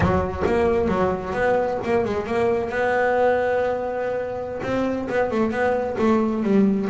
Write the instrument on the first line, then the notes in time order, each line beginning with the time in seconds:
double bass
0.00 F#3
0.46 A#3
0.88 F#3
1.33 B3
1.84 A#3
2.04 G#3
2.26 A#3
2.69 B3
4.63 C4
5.09 B3
5.30 A3
5.51 B3
5.98 A3
6.43 G3